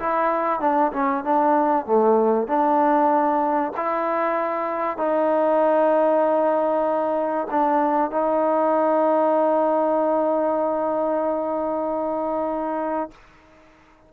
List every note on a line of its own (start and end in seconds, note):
0.00 0.61 E4
0.61 0.92 D4
0.93 1.24 C#4
1.25 1.86 D4
1.86 2.48 A3
2.48 3.73 D4
3.77 4.98 E4
4.98 7.48 D#4
7.51 8.12 D4
8.12 13.12 D#4